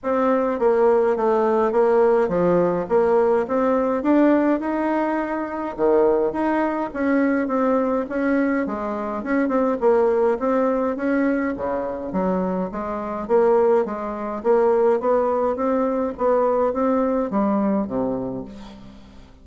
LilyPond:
\new Staff \with { instrumentName = "bassoon" } { \time 4/4 \tempo 4 = 104 c'4 ais4 a4 ais4 | f4 ais4 c'4 d'4 | dis'2 dis4 dis'4 | cis'4 c'4 cis'4 gis4 |
cis'8 c'8 ais4 c'4 cis'4 | cis4 fis4 gis4 ais4 | gis4 ais4 b4 c'4 | b4 c'4 g4 c4 | }